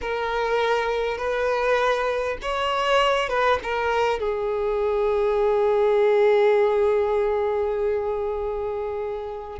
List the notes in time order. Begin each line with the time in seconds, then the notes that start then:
0.01 A#4
1.17 B4
2.42 C#5
3.29 B4
3.63 A#4
4.19 G#4